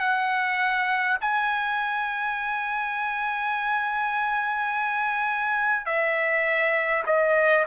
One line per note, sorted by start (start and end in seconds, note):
0.00 1.18 F#5
1.21 5.86 G#5
5.86 7.03 E5
7.06 7.65 D#5